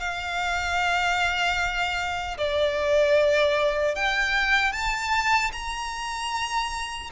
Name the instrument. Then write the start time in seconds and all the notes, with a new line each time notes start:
violin
0.00 F5
2.38 D5
3.95 G5
4.72 A5
5.52 A#5